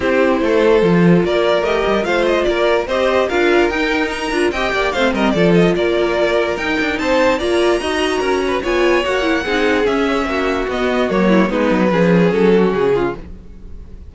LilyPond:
<<
  \new Staff \with { instrumentName = "violin" } { \time 4/4 \tempo 4 = 146 c''2. d''4 | dis''4 f''8 dis''8 d''4 dis''4 | f''4 g''4 ais''4 g''4 | f''8 dis''8 d''8 dis''8 d''2 |
g''4 a''4 ais''2~ | ais''4 gis''4 fis''2 | e''2 dis''4 cis''4 | b'2 a'4 gis'4 | }
  \new Staff \with { instrumentName = "violin" } { \time 4/4 g'4 a'2 ais'4~ | ais'4 c''4 ais'4 c''4 | ais'2. dis''8 d''8 | c''8 ais'8 a'4 ais'2~ |
ais'4 c''4 d''4 dis''4 | ais'8 b'8 cis''2 gis'4~ | gis'4 fis'2~ fis'8 e'8 | dis'4 gis'4. fis'4 f'8 | }
  \new Staff \with { instrumentName = "viola" } { \time 4/4 e'2 f'2 | g'4 f'2 g'4 | f'4 dis'4. f'8 g'4 | c'4 f'2. |
dis'2 f'4 fis'4~ | fis'4 f'4 fis'8 e'8 dis'4 | cis'2 b4 ais4 | b4 cis'2. | }
  \new Staff \with { instrumentName = "cello" } { \time 4/4 c'4 a4 f4 ais4 | a8 g8 a4 ais4 c'4 | d'4 dis'4. d'8 c'8 ais8 | a8 g8 f4 ais2 |
dis'8 d'8 c'4 ais4 dis'4 | cis'4 b4 ais4 c'4 | cis'4 ais4 b4 fis4 | gis8 fis8 f4 fis4 cis4 | }
>>